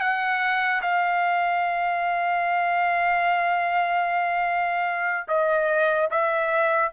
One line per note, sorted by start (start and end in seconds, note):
0.00 0.81 F#5
0.81 5.27 F5
5.28 6.09 D#5
6.10 6.91 E5